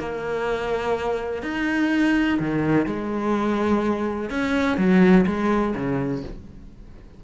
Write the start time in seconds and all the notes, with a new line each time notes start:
0.00 A#3
1.43 D#4
2.40 D#3
2.86 G#3
4.30 C#4
4.78 F#3
5.27 G#3
5.76 C#3